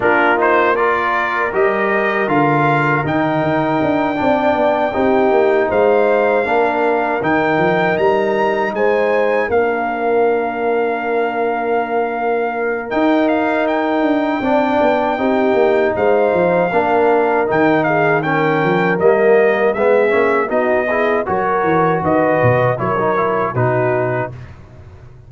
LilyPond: <<
  \new Staff \with { instrumentName = "trumpet" } { \time 4/4 \tempo 4 = 79 ais'8 c''8 d''4 dis''4 f''4 | g''2.~ g''8 f''8~ | f''4. g''4 ais''4 gis''8~ | gis''8 f''2.~ f''8~ |
f''4 g''8 f''8 g''2~ | g''4 f''2 g''8 f''8 | g''4 dis''4 e''4 dis''4 | cis''4 dis''4 cis''4 b'4 | }
  \new Staff \with { instrumentName = "horn" } { \time 4/4 f'4 ais'2.~ | ais'4. d''4 g'4 c''8~ | c''8 ais'2. c''8~ | c''8 ais'2.~ ais'8~ |
ais'2. d''4 | g'4 c''4 ais'4. gis'8 | ais'2 gis'4 fis'8 gis'8 | ais'4 b'4 ais'4 fis'4 | }
  \new Staff \with { instrumentName = "trombone" } { \time 4/4 d'8 dis'8 f'4 g'4 f'4 | dis'4. d'4 dis'4.~ | dis'8 d'4 dis'2~ dis'8~ | dis'8 d'2.~ d'8~ |
d'4 dis'2 d'4 | dis'2 d'4 dis'4 | cis'4 ais4 b8 cis'8 dis'8 e'8 | fis'2 e'16 dis'16 e'8 dis'4 | }
  \new Staff \with { instrumentName = "tuba" } { \time 4/4 ais2 g4 d4 | dis8 dis'8 d'8 c'8 b8 c'8 ais8 gis8~ | gis8 ais4 dis8 f8 g4 gis8~ | gis8 ais2.~ ais8~ |
ais4 dis'4. d'8 c'8 b8 | c'8 ais8 gis8 f8 ais4 dis4~ | dis8 f8 g4 gis8 ais8 b4 | fis8 e8 dis8 b,8 fis4 b,4 | }
>>